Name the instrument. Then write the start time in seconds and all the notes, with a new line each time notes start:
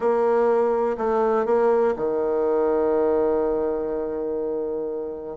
bassoon
0.00 A#3
0.97 A3
1.45 A#3
1.96 D#3